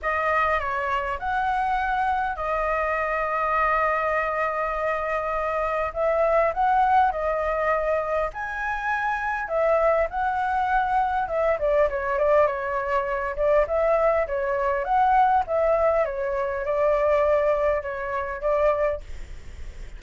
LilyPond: \new Staff \with { instrumentName = "flute" } { \time 4/4 \tempo 4 = 101 dis''4 cis''4 fis''2 | dis''1~ | dis''2 e''4 fis''4 | dis''2 gis''2 |
e''4 fis''2 e''8 d''8 | cis''8 d''8 cis''4. d''8 e''4 | cis''4 fis''4 e''4 cis''4 | d''2 cis''4 d''4 | }